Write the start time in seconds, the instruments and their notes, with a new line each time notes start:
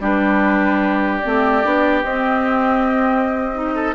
0.00 bassoon G3, clarinet D4, oboe G4, flute B4
1.19 clarinet C4, flute D5
1.25 bassoon A3
1.63 bassoon B3, clarinet D4
2.03 bassoon C4, clarinet C4, flute D#5
3.54 clarinet D#4
3.74 oboe A4